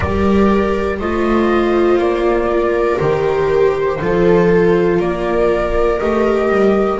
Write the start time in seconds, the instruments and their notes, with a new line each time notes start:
0.00 double bass G3, viola G4 A#4, flute D5
0.99 double bass A3, viola F4 C5, flute D#5
1.98 double bass A#3, flute D5
2.50 viola A#4
2.99 double bass D#3, viola G4, flute C5
4.00 double bass F3, viola F4 A4
5.00 double bass A#3, viola A#4, flute D5
5.99 double bass A3, viola G4, flute D#5
6.48 double bass G3